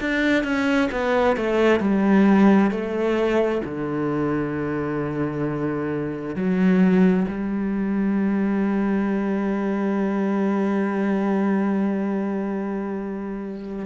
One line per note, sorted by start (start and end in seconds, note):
0.00 0.43 D4
0.43 0.89 C#4
0.91 1.36 B3
1.36 1.80 A3
1.80 2.70 G3
2.70 3.61 A3
3.64 6.36 D3
6.36 7.26 F#3
7.28 13.86 G3